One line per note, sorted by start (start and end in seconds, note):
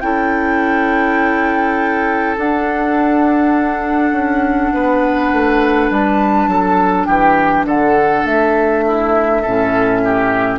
0.00 2.37 C#4
0.00 2.37 E4
0.00 4.73 A4
0.00 2.35 G5
2.37 4.12 D4
2.37 9.43 D4
2.37 5.91 F#5
4.12 4.71 C#4
4.73 5.33 B3
4.73 6.50 B4
5.33 5.90 A3
5.90 6.48 G3
5.90 7.05 A5
6.48 7.06 F#3
6.48 7.07 A4
7.05 7.64 E3
7.05 7.66 G4
7.05 7.64 G5
7.64 8.23 D3
7.64 8.84 A4
7.64 8.26 F#5
8.25 9.42 A3
8.25 10.59 E5
8.87 9.42 E4
9.42 10.59 A2
9.42 10.59 C#4
9.42 10.00 A4
10.04 10.59 G4